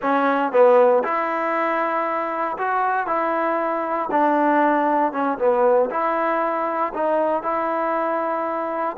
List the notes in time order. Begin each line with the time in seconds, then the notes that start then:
0.02 C#4
0.52 B3
1.03 E4
2.58 F#4
3.06 E4
4.11 D4
5.12 C#4
5.38 B3
5.90 E4
6.93 D#4
7.42 E4